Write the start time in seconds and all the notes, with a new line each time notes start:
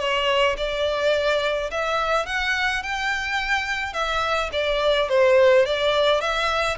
0.00 C#5
0.58 D5
1.71 E5
2.26 F#5
2.83 G5
3.94 E5
4.53 D5
5.09 C5
5.66 D5
6.21 E5